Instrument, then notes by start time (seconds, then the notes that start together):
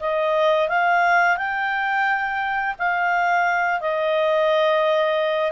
clarinet
0.00 D#5
0.69 F5
1.37 G5
2.79 F5
3.81 D#5